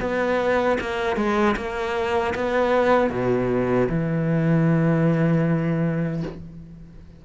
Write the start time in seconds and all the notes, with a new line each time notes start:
0.00 B3
0.80 A#3
1.16 G#3
1.56 A#3
2.35 B3
3.10 B2
3.89 E3